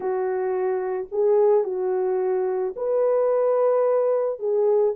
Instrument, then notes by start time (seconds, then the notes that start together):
horn
0.00 F#4
1.11 G#4
1.63 F#4
2.75 B4
4.39 G#4